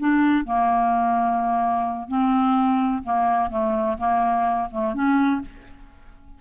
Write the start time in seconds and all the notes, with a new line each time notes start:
0.00 D4
0.45 A#3
2.09 C4
3.04 A#3
3.50 A3
3.98 A#3
4.71 A3
4.95 C#4